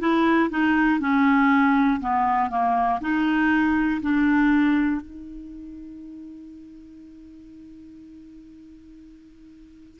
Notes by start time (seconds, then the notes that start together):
0.00 E4
0.50 D#4
1.00 C#4
2.00 B3
2.50 A#3
3.01 D#4
4.01 D4
5.01 D#4